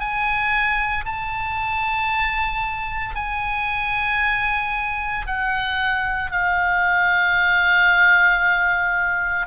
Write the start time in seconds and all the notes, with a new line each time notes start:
0.00 G#5
1.05 A5
3.16 G#5
5.27 F#5
6.32 F5